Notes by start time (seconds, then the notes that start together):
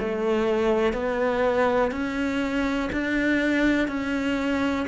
0.00 A3
0.93 B3
1.92 C#4
2.93 D4
3.89 C#4